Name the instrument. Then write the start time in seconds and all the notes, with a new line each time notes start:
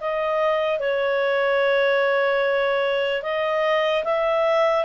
clarinet
0.00 D#5
0.79 C#5
3.22 D#5
4.04 E5